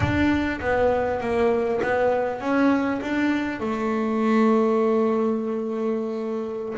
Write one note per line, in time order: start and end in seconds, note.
0.00 0.60 D4
0.60 1.20 B3
1.20 1.80 A#3
1.82 2.40 B3
2.40 3.00 C#4
3.01 3.60 D4
3.60 6.75 A3